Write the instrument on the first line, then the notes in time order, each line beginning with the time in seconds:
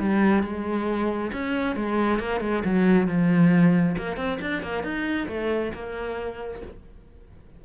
cello
0.00 G3
0.44 G#3
1.33 C#4
1.76 G#3
2.20 A#3
2.41 G#3
2.65 F#3
3.08 F3
3.98 A#3
4.17 C4
4.41 D4
4.63 A#3
4.84 D#4
5.29 A3
5.74 A#3